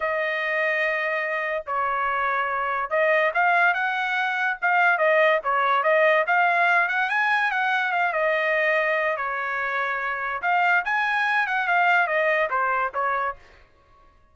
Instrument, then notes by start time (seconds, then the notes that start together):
trumpet
0.00 D#5
1.66 C#5
2.90 D#5
3.34 F5
3.74 F#5
4.61 F5
4.98 D#5
5.43 C#5
5.83 D#5
6.26 F5
6.88 F#5
7.09 G#5
7.51 F#5
7.92 F5
8.12 D#5
9.16 C#5
10.42 F5
10.84 G#5
11.46 F#5
11.67 F5
12.07 D#5
12.50 C5
12.94 C#5